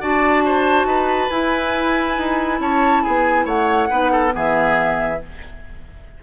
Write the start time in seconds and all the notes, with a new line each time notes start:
0.00 D4 F#4 D5 A5
0.45 C5
0.84 D#4 B4
1.29 E4 G#5
2.17 D#4
2.59 C#4 C#5 A5
3.02 B3 G#4 G#5
3.45 A3 C#5 F#5
3.89 B3 D#4 B4
4.12 A4
4.29 E3 B3 G#4
4.36 E5